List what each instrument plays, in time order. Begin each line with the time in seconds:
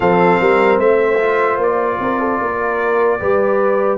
0.00 tuba F3, trombone C4, horn A4, trumpet F5
0.40 tuba G3, horn A#4
0.79 tuba A3, horn C5, trumpet E5
1.19 trombone F4
1.57 tuba A#3, trumpet D5
1.99 tuba C4, horn A#4
2.19 horn A4
2.40 tuba A#3, horn A#4
3.19 tuba G3, trombone G4, horn B4